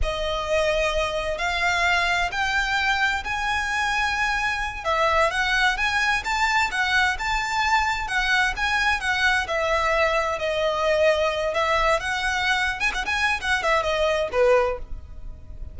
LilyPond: \new Staff \with { instrumentName = "violin" } { \time 4/4 \tempo 4 = 130 dis''2. f''4~ | f''4 g''2 gis''4~ | gis''2~ gis''8 e''4 fis''8~ | fis''8 gis''4 a''4 fis''4 a''8~ |
a''4. fis''4 gis''4 fis''8~ | fis''8 e''2 dis''4.~ | dis''4 e''4 fis''4.~ fis''16 gis''16 | fis''16 gis''8. fis''8 e''8 dis''4 b'4 | }